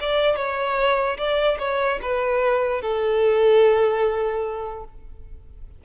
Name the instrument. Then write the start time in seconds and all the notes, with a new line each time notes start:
violin
0.00 D5
0.36 C#5
1.17 D5
1.58 C#5
2.02 B4
2.82 A4